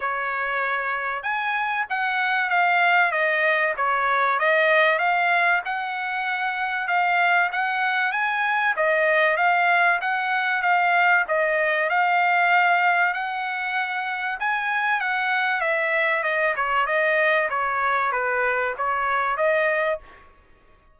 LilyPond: \new Staff \with { instrumentName = "trumpet" } { \time 4/4 \tempo 4 = 96 cis''2 gis''4 fis''4 | f''4 dis''4 cis''4 dis''4 | f''4 fis''2 f''4 | fis''4 gis''4 dis''4 f''4 |
fis''4 f''4 dis''4 f''4~ | f''4 fis''2 gis''4 | fis''4 e''4 dis''8 cis''8 dis''4 | cis''4 b'4 cis''4 dis''4 | }